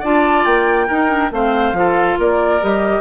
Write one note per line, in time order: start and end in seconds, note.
0.00 0.46 D4
0.00 0.88 F4
0.00 0.86 D5
0.00 0.45 A5
0.45 0.89 A#3
0.45 1.31 G5
0.87 1.09 D#4
0.87 1.31 D#4
0.87 1.30 A#4
1.09 1.30 D4
1.31 1.72 A3
1.31 1.75 C4
1.31 1.77 C5
1.31 2.20 F5
1.72 2.15 F3
1.72 2.61 F4
1.72 2.19 A4
2.19 2.62 A#3
2.19 3.00 A#4
2.19 2.64 D5
2.61 3.00 G3
2.61 3.00 G4
2.61 3.00 D#5